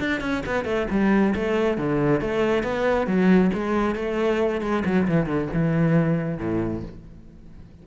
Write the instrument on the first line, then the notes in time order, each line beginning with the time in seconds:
cello
0.00 D4
0.21 C#4
0.46 B3
0.65 A3
0.91 G3
1.36 A3
1.78 D3
2.21 A3
2.64 B3
3.07 F#3
3.54 G#3
3.95 A3
4.61 G#3
4.85 F#3
5.08 E3
5.26 D3
5.54 E3
6.39 A2